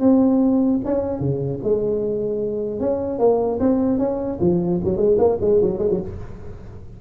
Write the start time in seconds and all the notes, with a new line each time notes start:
0.00 C4
0.85 C#4
1.20 C#3
1.63 G#3
2.80 C#4
3.19 A#3
3.60 C4
3.99 C#4
4.41 F3
4.84 F#3
4.97 G#3
5.19 A#3
5.41 G#3
5.62 F#3
5.79 G#3
5.91 F#3